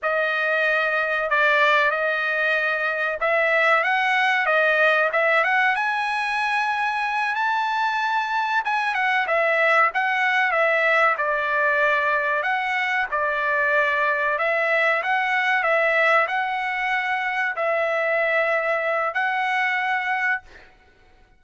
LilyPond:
\new Staff \with { instrumentName = "trumpet" } { \time 4/4 \tempo 4 = 94 dis''2 d''4 dis''4~ | dis''4 e''4 fis''4 dis''4 | e''8 fis''8 gis''2~ gis''8 a''8~ | a''4. gis''8 fis''8 e''4 fis''8~ |
fis''8 e''4 d''2 fis''8~ | fis''8 d''2 e''4 fis''8~ | fis''8 e''4 fis''2 e''8~ | e''2 fis''2 | }